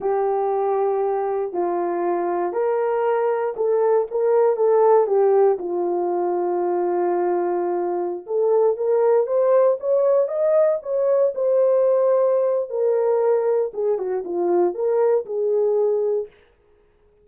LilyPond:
\new Staff \with { instrumentName = "horn" } { \time 4/4 \tempo 4 = 118 g'2. f'4~ | f'4 ais'2 a'4 | ais'4 a'4 g'4 f'4~ | f'1~ |
f'16 a'4 ais'4 c''4 cis''8.~ | cis''16 dis''4 cis''4 c''4.~ c''16~ | c''4 ais'2 gis'8 fis'8 | f'4 ais'4 gis'2 | }